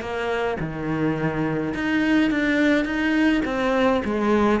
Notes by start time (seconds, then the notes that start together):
0.00 A#3
0.59 D#3
1.74 D#4
2.30 D4
2.84 D#4
3.44 C4
4.04 G#3